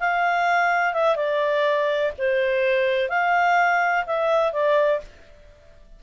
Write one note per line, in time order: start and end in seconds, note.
0.00 0.94 F5
0.94 1.16 E5
1.16 2.12 D5
2.18 3.09 C5
3.09 4.05 F5
4.06 4.53 E5
4.53 5.01 D5